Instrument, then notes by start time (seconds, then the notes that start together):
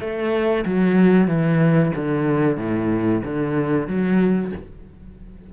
cello
0.00 A3
0.65 F#3
1.27 E3
1.95 D3
2.57 A2
3.23 D3
3.87 F#3